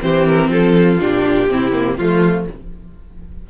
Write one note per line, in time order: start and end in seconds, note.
0.00 0.49 E3
0.00 0.98 C4
0.00 0.50 G4
0.00 0.26 C5
0.26 0.50 A#4
0.49 0.98 F3
0.49 1.49 F4
0.49 1.00 A4
1.00 1.48 A#2
1.00 1.49 D4
1.00 1.96 G4
1.48 1.97 C3
1.48 1.72 C4
1.48 1.97 E4
1.72 1.97 A#3
1.96 2.47 F3
1.96 2.49 A3
1.96 2.45 F4
1.96 2.46 F4